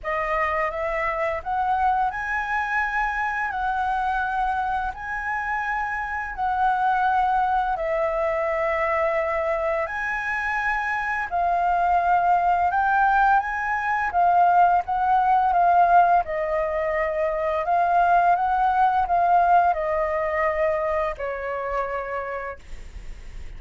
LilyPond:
\new Staff \with { instrumentName = "flute" } { \time 4/4 \tempo 4 = 85 dis''4 e''4 fis''4 gis''4~ | gis''4 fis''2 gis''4~ | gis''4 fis''2 e''4~ | e''2 gis''2 |
f''2 g''4 gis''4 | f''4 fis''4 f''4 dis''4~ | dis''4 f''4 fis''4 f''4 | dis''2 cis''2 | }